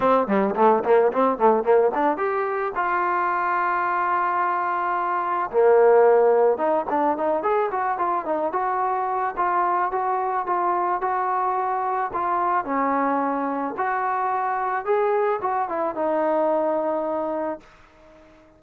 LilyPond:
\new Staff \with { instrumentName = "trombone" } { \time 4/4 \tempo 4 = 109 c'8 g8 a8 ais8 c'8 a8 ais8 d'8 | g'4 f'2.~ | f'2 ais2 | dis'8 d'8 dis'8 gis'8 fis'8 f'8 dis'8 fis'8~ |
fis'4 f'4 fis'4 f'4 | fis'2 f'4 cis'4~ | cis'4 fis'2 gis'4 | fis'8 e'8 dis'2. | }